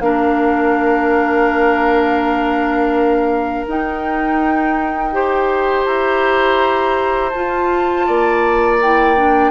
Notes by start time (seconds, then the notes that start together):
0.00 A#3 D4 A#4 F5
3.67 D#4 G5
5.12 G4 C5
5.86 E4 A#5
7.30 F4 A5
8.07 A#3 D5
8.82 E4 G5
9.16 D4